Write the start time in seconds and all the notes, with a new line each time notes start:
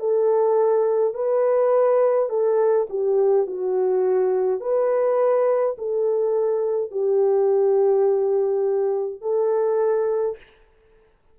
0.00 A4
1.14 B4
2.30 A4
2.90 G4
3.47 F#4
4.61 B4
5.78 A4
6.91 G4
9.22 A4